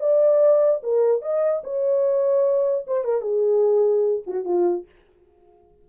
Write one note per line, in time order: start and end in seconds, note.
0.00 0.81 D5
0.83 1.22 A#4
1.22 1.62 D#5
1.64 2.86 C#5
2.87 3.04 C5
3.04 3.22 A#4
3.22 4.23 G#4
4.27 4.45 F#4
4.45 4.85 F4